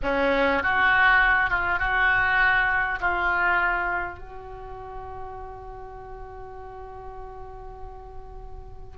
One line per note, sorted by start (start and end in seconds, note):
0.02 0.62 C#4
0.62 1.50 F#4
1.50 1.79 F4
1.79 2.99 F#4
3.00 4.18 F4
4.18 8.97 F#4